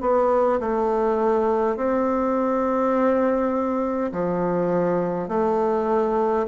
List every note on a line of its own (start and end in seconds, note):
0.00 0.59 B3
0.59 1.76 A3
1.76 4.11 C4
4.12 5.28 F3
5.28 6.46 A3